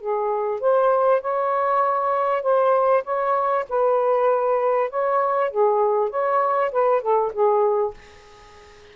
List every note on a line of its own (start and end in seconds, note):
0.00 0.60 G#4
0.60 1.21 C5
1.21 2.42 C#5
2.42 3.03 C5
3.04 3.65 C#5
3.69 4.90 B4
4.90 5.50 C#5
5.50 6.10 G#4
6.10 6.71 C#5
6.71 7.01 B4
7.01 7.32 A4
7.33 7.94 G#4